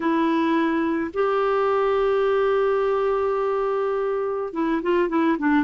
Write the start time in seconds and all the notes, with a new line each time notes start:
0.00 E4
1.13 G4
4.53 E4
4.82 F4
5.08 E4
5.38 D4